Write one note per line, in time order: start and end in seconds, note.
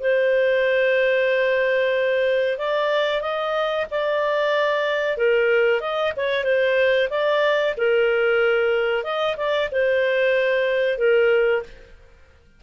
0.00 2.58 C5
2.58 3.21 D5
3.21 3.86 D#5
3.91 5.17 D5
5.17 5.80 A#4
5.80 6.13 D#5
6.16 6.44 C#5
6.44 7.09 C5
7.10 7.75 D5
7.77 9.04 A#4
9.04 9.36 D#5
9.37 9.69 D5
9.72 10.98 C5
10.98 11.63 A#4